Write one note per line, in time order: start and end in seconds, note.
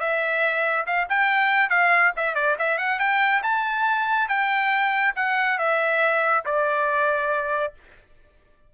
0.00 0.86 E5
0.86 1.08 F5
1.09 1.70 G5
1.70 2.13 F5
2.16 2.35 E5
2.35 2.57 D5
2.59 2.78 E5
2.78 2.99 F#5
3.00 3.42 G5
3.43 4.28 A5
4.28 5.14 G5
5.16 5.59 F#5
5.59 6.44 E5
6.45 7.74 D5